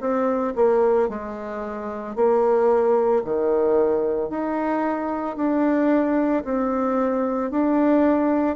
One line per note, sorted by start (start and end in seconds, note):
0.00 0.54 C4
0.56 1.09 A#3
1.09 2.16 G#3
2.16 3.23 A#3
3.24 4.30 D#3
4.30 5.36 D#4
5.36 6.43 D4
6.44 7.51 C4
7.51 8.56 D4